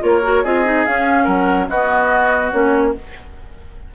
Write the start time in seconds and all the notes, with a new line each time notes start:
0.00 A#3 F4 A#4 C#5
0.23 F#4
0.43 C4 F4 G#4 D#5
0.65 D#4
0.86 C#4 F5
1.24 F#3 A#4 F#5
1.69 B3 F#4 D#5
2.51 A#3 C#4 C#5